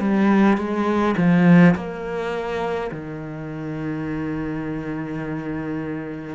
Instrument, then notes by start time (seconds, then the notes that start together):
cello
0.00 G3
0.57 G#3
1.17 F3
1.75 A#3
2.91 D#3